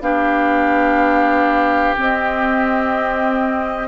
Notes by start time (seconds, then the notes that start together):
0.00 B3 D4 G4 F5
1.97 C4 D#5